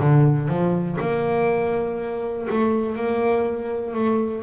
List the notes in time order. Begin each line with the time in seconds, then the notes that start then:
0.00 D3
0.48 F3
1.00 A#3
2.50 A3
2.96 A#3
3.94 A3